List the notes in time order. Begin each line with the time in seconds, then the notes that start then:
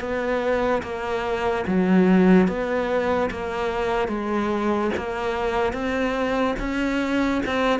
0.00 B3
0.83 A#3
1.67 F#3
2.48 B3
3.31 A#3
4.08 G#3
4.97 A#3
5.73 C4
6.59 C#4
7.46 C4